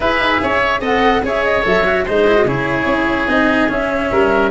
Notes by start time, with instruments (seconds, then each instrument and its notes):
0.00 tuba E4, cello G#4, oboe B4, flute E5
0.19 tuba D#4
0.42 tuba C#4, oboe C#5
0.80 tuba C4, cello A4, oboe D#5, flute F#5
1.22 tuba C#4, cello G#4, oboe C#5, flute E5
1.43 flute D#5
1.62 tuba F#3, cello A4, flute E5
1.86 cello F#4
2.04 tuba G#3, cello D#4, oboe C5, flute D#5
2.27 cello E4
2.35 cello F#4
2.45 tuba C#3, cello E4, oboe G#4, flute C#5
2.85 tuba C#4
3.27 tuba C4, cello D#4, flute D#5
3.68 cello C#4, tuba C#4, flute E5
4.11 tuba G3, oboe A#4